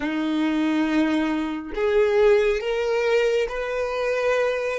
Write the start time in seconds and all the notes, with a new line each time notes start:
0.00 D#4
1.74 G#4
2.60 A#4
3.49 B4